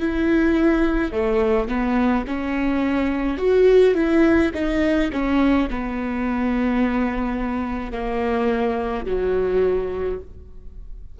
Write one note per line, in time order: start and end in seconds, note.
0.00 1.12 E4
1.12 1.68 A3
1.68 2.25 B3
2.27 3.38 C#4
3.38 3.95 F#4
3.95 4.51 E4
4.54 5.11 D#4
5.13 5.69 C#4
5.70 7.92 B3
7.92 9.06 A#3
9.06 10.19 F#3